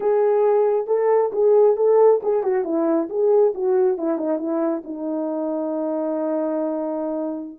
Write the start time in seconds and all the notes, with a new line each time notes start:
0.00 G#4
0.86 A4
1.32 G#4
1.76 A4
2.22 G#4
2.43 F#4
2.64 E4
3.09 G#4
3.54 F#4
3.97 E4
4.18 D#4
4.38 E4
4.84 D#4